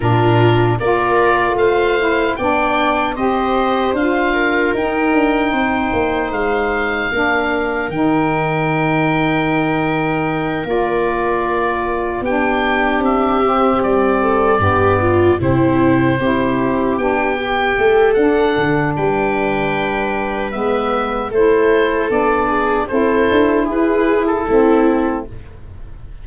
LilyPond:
<<
  \new Staff \with { instrumentName = "oboe" } { \time 4/4 \tempo 4 = 76 ais'4 d''4 f''4 g''4 | dis''4 f''4 g''2 | f''2 g''2~ | g''4. d''2 g''8~ |
g''8 e''4 d''2 c''8~ | c''4. g''4. fis''4 | g''2 e''4 c''4 | d''4 c''4 b'8. a'4~ a'16 | }
  \new Staff \with { instrumentName = "viola" } { \time 4/4 f'4 ais'4 c''4 d''4 | c''4. ais'4. c''4~ | c''4 ais'2.~ | ais'2.~ ais'8 g'8~ |
g'2 a'8 g'8 f'8 e'8~ | e'8 g'2 a'4. | b'2. a'4~ | a'8 gis'8 a'4 gis'4 e'4 | }
  \new Staff \with { instrumentName = "saxophone" } { \time 4/4 d'4 f'4. e'8 d'4 | g'4 f'4 dis'2~ | dis'4 d'4 dis'2~ | dis'4. f'2 d'8~ |
d'4 c'4. b4 c'8~ | c'8 e'4 d'8 g'4 d'4~ | d'2 b4 e'4 | d'4 e'2 c'4 | }
  \new Staff \with { instrumentName = "tuba" } { \time 4/4 ais,4 ais4 a4 b4 | c'4 d'4 dis'8 d'8 c'8 ais8 | gis4 ais4 dis2~ | dis4. ais2 b8~ |
b8 c'4 g4 g,4 c8~ | c8 c'4 b4 a8 d'8 d8 | g2 gis4 a4 | b4 c'8 d'8 e'4 a4 | }
>>